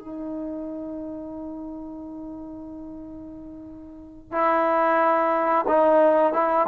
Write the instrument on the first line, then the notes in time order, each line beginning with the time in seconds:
trombone
0.00 D#4
4.32 E4
5.68 D#4
6.34 E4